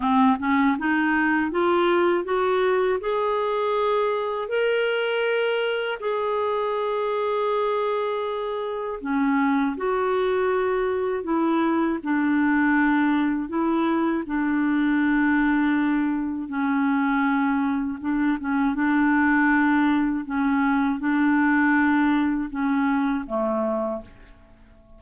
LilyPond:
\new Staff \with { instrumentName = "clarinet" } { \time 4/4 \tempo 4 = 80 c'8 cis'8 dis'4 f'4 fis'4 | gis'2 ais'2 | gis'1 | cis'4 fis'2 e'4 |
d'2 e'4 d'4~ | d'2 cis'2 | d'8 cis'8 d'2 cis'4 | d'2 cis'4 a4 | }